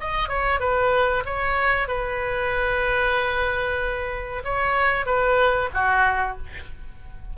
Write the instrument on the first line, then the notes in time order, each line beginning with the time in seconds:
oboe
0.00 D#5
0.29 C#5
0.60 B4
1.25 C#5
1.88 B4
4.44 C#5
5.06 B4
5.74 F#4